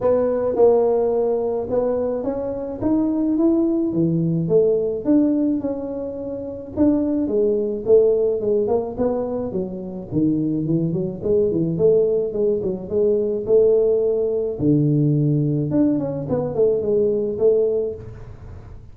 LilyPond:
\new Staff \with { instrumentName = "tuba" } { \time 4/4 \tempo 4 = 107 b4 ais2 b4 | cis'4 dis'4 e'4 e4 | a4 d'4 cis'2 | d'4 gis4 a4 gis8 ais8 |
b4 fis4 dis4 e8 fis8 | gis8 e8 a4 gis8 fis8 gis4 | a2 d2 | d'8 cis'8 b8 a8 gis4 a4 | }